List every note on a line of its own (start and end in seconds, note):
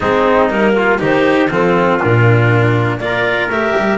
0.00 0.49 G#3
0.00 0.50 C4
0.00 0.73 D#4
0.00 0.49 G#4
0.49 0.99 G3
0.49 0.98 A#3
0.49 1.00 A#4
0.75 1.00 F4
0.98 1.50 D#3
0.98 1.48 D#4
0.98 1.50 G4
0.98 1.51 C5
1.50 2.00 F3
1.50 1.99 C4
1.50 3.00 F4
1.50 2.00 A4
1.99 2.99 A#2
1.99 2.99 D4
1.99 2.99 A#4
2.99 3.49 A#3
2.99 3.50 F4
2.99 3.98 A#4
2.99 3.49 D5
3.49 3.74 A3
3.49 3.98 G4
3.49 3.98 E5
3.77 3.98 G3